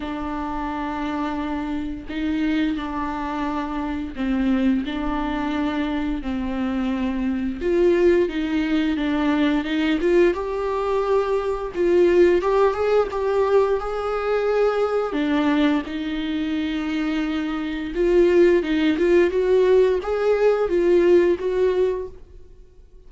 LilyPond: \new Staff \with { instrumentName = "viola" } { \time 4/4 \tempo 4 = 87 d'2. dis'4 | d'2 c'4 d'4~ | d'4 c'2 f'4 | dis'4 d'4 dis'8 f'8 g'4~ |
g'4 f'4 g'8 gis'8 g'4 | gis'2 d'4 dis'4~ | dis'2 f'4 dis'8 f'8 | fis'4 gis'4 f'4 fis'4 | }